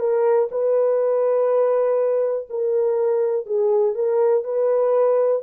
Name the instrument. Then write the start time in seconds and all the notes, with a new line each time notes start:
horn
0.00 A#4
0.51 B4
2.50 A#4
3.46 G#4
3.95 A#4
4.44 B4